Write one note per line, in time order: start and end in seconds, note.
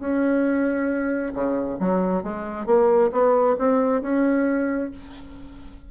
0.00 1.33 C#4
1.35 1.79 C#3
1.80 2.23 F#3
2.23 2.66 G#3
2.66 3.11 A#3
3.12 3.57 B3
3.59 4.02 C4
4.02 4.91 C#4